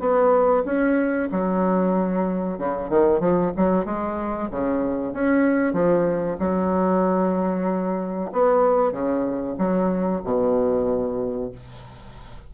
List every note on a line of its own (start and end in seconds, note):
0.00 0.64 B3
0.65 1.29 C#4
1.32 2.59 F#3
2.59 2.90 C#3
2.90 3.20 D#3
3.20 3.52 F3
3.57 3.86 F#3
3.86 4.49 G#3
4.51 5.14 C#3
5.14 5.74 C#4
5.74 6.37 F3
6.40 8.31 F#3
8.33 8.92 B3
8.92 9.56 C#3
9.58 10.22 F#3
10.24 11.52 B2